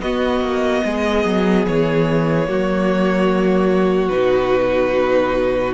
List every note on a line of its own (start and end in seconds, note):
0.00 0.41 B3
0.00 2.46 B3
0.00 0.85 F#4
0.00 1.66 D#5
0.41 0.82 A#3
0.85 1.25 G#3
0.85 2.49 G#4
1.25 1.66 F#3
1.68 2.49 E3
1.68 4.09 C#5
2.46 4.11 F#3
2.46 4.10 A#3
2.46 5.75 F#4
4.09 5.75 B2
4.09 5.75 D#4
4.09 5.74 B4